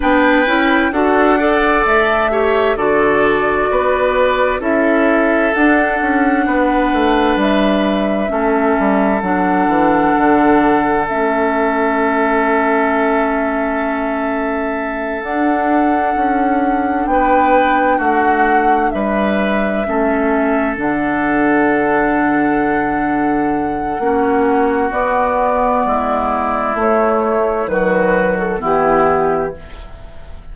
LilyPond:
<<
  \new Staff \with { instrumentName = "flute" } { \time 4/4 \tempo 4 = 65 g''4 fis''4 e''4 d''4~ | d''4 e''4 fis''2 | e''2 fis''2 | e''1~ |
e''8 fis''2 g''4 fis''8~ | fis''8 e''2 fis''4.~ | fis''2. d''4~ | d''4 cis''4 b'8. a'16 g'4 | }
  \new Staff \with { instrumentName = "oboe" } { \time 4/4 b'4 a'8 d''4 cis''8 a'4 | b'4 a'2 b'4~ | b'4 a'2.~ | a'1~ |
a'2~ a'8 b'4 fis'8~ | fis'8 b'4 a'2~ a'8~ | a'2 fis'2 | e'2 fis'4 e'4 | }
  \new Staff \with { instrumentName = "clarinet" } { \time 4/4 d'8 e'8 fis'8 a'4 g'8 fis'4~ | fis'4 e'4 d'2~ | d'4 cis'4 d'2 | cis'1~ |
cis'8 d'2.~ d'8~ | d'4. cis'4 d'4.~ | d'2 cis'4 b4~ | b4 a4 fis4 b4 | }
  \new Staff \with { instrumentName = "bassoon" } { \time 4/4 b8 cis'8 d'4 a4 d4 | b4 cis'4 d'8 cis'8 b8 a8 | g4 a8 g8 fis8 e8 d4 | a1~ |
a8 d'4 cis'4 b4 a8~ | a8 g4 a4 d4.~ | d2 ais4 b4 | gis4 a4 dis4 e4 | }
>>